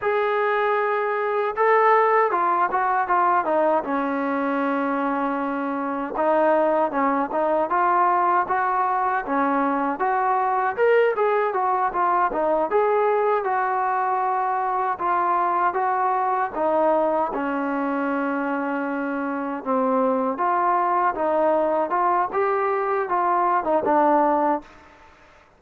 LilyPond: \new Staff \with { instrumentName = "trombone" } { \time 4/4 \tempo 4 = 78 gis'2 a'4 f'8 fis'8 | f'8 dis'8 cis'2. | dis'4 cis'8 dis'8 f'4 fis'4 | cis'4 fis'4 ais'8 gis'8 fis'8 f'8 |
dis'8 gis'4 fis'2 f'8~ | f'8 fis'4 dis'4 cis'4.~ | cis'4. c'4 f'4 dis'8~ | dis'8 f'8 g'4 f'8. dis'16 d'4 | }